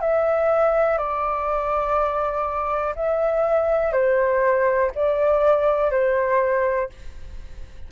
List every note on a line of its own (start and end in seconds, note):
0.00 0.97 E5
0.97 2.94 D5
2.95 3.92 E5
3.92 4.90 C5
4.94 5.91 D5
5.91 6.89 C5